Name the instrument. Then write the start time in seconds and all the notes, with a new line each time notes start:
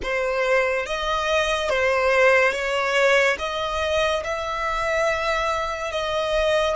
violin
0.02 C5
0.86 D#5
1.69 C5
2.52 C#5
3.38 D#5
4.24 E5
5.92 D#5